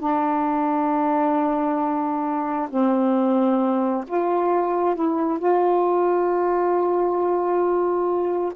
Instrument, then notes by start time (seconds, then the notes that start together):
saxophone
0.00 D4
2.70 C4
4.08 F4
4.95 E4
5.39 F4